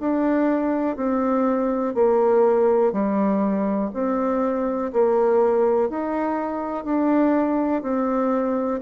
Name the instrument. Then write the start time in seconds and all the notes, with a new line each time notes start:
bassoon
0.00 D4
0.97 C4
1.94 A#3
2.92 G3
3.93 C4
4.93 A#3
5.90 D#4
6.85 D4
7.82 C4